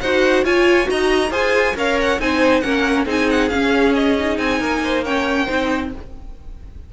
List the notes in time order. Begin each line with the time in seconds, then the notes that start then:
0.00 D#4 F#4 C5 F#5
0.44 F4 C#5 G#5
0.84 F#4 D#5 A#5
0.91 D#4
1.30 F4 G#4 C5 G#5
1.75 C#4 A#4 C#5 F5
2.00 F#5
2.19 C4 D#4 C5 G#5
2.60 A#3 C#4 A#4 F#5
3.05 C4 D#4 G#4 G#5
3.30 F#5
3.48 C#4 F5
3.94 D#5
4.18 D#4
4.38 C4 G#5
4.58 A#3 A#4
4.83 C5
5.04 C#4 C#5 G5
5.45 C4 D#4 C5